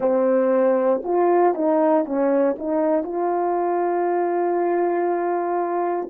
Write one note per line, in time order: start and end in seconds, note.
0.00 1.02 C4
1.03 1.54 F4
1.54 2.05 D#4
2.05 2.56 C#4
2.58 3.03 D#4
3.03 6.08 F4